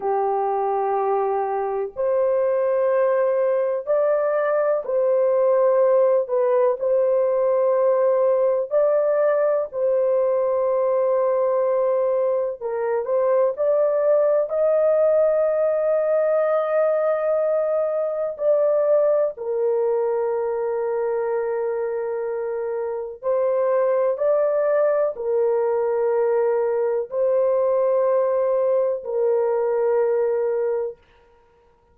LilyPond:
\new Staff \with { instrumentName = "horn" } { \time 4/4 \tempo 4 = 62 g'2 c''2 | d''4 c''4. b'8 c''4~ | c''4 d''4 c''2~ | c''4 ais'8 c''8 d''4 dis''4~ |
dis''2. d''4 | ais'1 | c''4 d''4 ais'2 | c''2 ais'2 | }